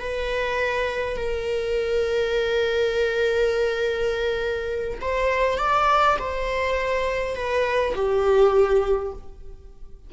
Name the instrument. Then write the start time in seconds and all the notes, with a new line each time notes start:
viola
0.00 B4
1.17 A#4
5.01 C5
5.58 D5
6.19 C5
7.35 B4
7.95 G4